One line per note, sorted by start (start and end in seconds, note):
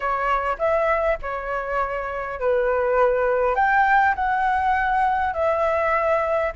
0.00 0.56 C#5
0.58 1.17 E5
1.22 2.40 C#5
2.40 3.55 B4
3.55 4.14 G5
4.15 5.33 F#5
5.33 6.52 E5